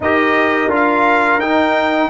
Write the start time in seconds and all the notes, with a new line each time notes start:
0.00 D#4 G4 A#4 D#5
0.67 D4 F4
0.75 F5
1.38 D#4 G5